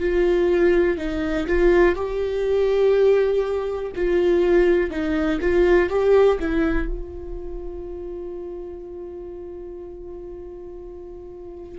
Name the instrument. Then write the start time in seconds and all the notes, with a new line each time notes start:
viola
0.00 F4
0.98 D#4
1.47 F4
1.95 G4
3.96 F4
4.90 D#4
5.41 F4
5.90 G4
6.39 E4
6.88 F4